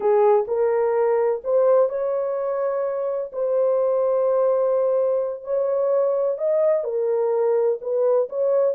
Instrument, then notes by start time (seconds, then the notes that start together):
horn
0.00 G#4
0.47 A#4
1.44 C5
1.89 C#5
3.32 C5
5.44 C#5
6.38 D#5
6.84 A#4
7.81 B4
8.29 C#5